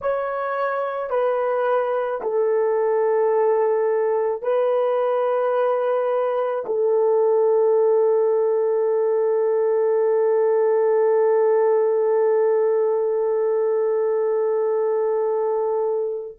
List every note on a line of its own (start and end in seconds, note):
0.01 1.10 C#5
1.10 2.21 B4
2.21 4.42 A4
4.42 6.64 B4
6.66 16.38 A4